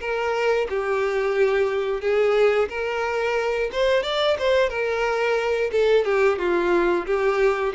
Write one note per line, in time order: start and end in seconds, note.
0.00 0.67 A#4
0.69 2.01 G4
2.01 2.68 G#4
2.69 3.70 A#4
3.72 4.03 C5
4.03 4.37 D5
4.39 4.69 C5
4.69 5.71 A#4
5.72 6.05 A4
6.05 6.38 G4
6.38 7.06 F4
7.06 7.73 G4